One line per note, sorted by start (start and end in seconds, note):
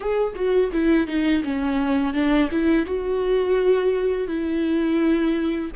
0.00 0.34 G#4
0.35 0.70 F#4
0.72 1.07 E4
1.07 1.43 D#4
1.43 2.13 C#4
2.13 2.49 D4
2.51 2.85 E4
2.85 4.27 F#4
4.27 5.70 E4